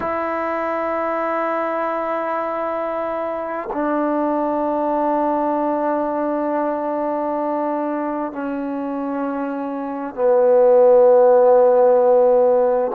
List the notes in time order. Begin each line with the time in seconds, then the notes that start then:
0.00 E4
3.72 D4
8.32 C#4
10.15 B3